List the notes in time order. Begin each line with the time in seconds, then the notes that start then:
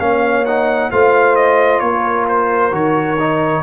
0.00 A#3 C#4 C#5 F5
0.46 D#4 F#5
0.91 A3 F4 C5 F5
1.36 D#5
1.80 A#3 A#4 C#5
2.29 C5
2.72 D#3 F#4 C#5
3.20 D#4